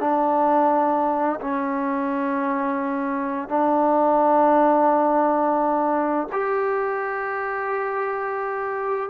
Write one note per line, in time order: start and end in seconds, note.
0.00 1.40 D4
1.40 3.49 C#4
3.49 6.28 D4
6.32 9.09 G4